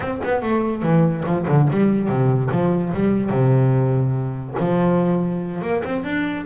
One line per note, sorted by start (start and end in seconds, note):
0.00 0.20 C4
0.23 0.42 B3
0.42 0.82 A3
0.82 1.24 E3
1.25 1.46 F3
1.47 1.68 D3
1.70 2.08 G3
2.08 2.50 C3
2.51 2.93 F3
2.93 3.29 G3
3.29 4.54 C3
4.59 5.61 F3
5.61 5.82 A#3
5.84 6.04 C4
6.04 6.45 D4